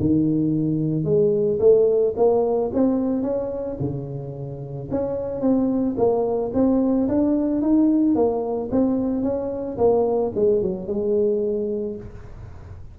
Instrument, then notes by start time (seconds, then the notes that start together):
tuba
0.00 D#3
1.04 G#3
1.59 A3
2.16 A#3
2.73 C4
3.22 C#4
3.80 C#3
4.91 C#4
5.41 C4
5.97 A#3
6.54 C4
7.08 D4
7.61 D#4
8.15 A#3
8.71 C4
9.23 C#4
9.78 A#3
10.35 G#3
10.62 F#3
10.87 G#3